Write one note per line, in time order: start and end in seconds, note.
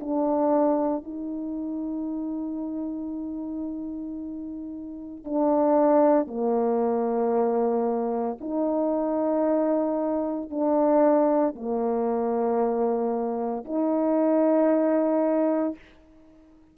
0.00 1.03 D4
1.03 5.24 D#4
5.24 6.27 D4
6.27 8.37 A#3
8.40 10.50 D#4
10.50 11.55 D4
11.55 13.64 A#3
13.64 15.75 D#4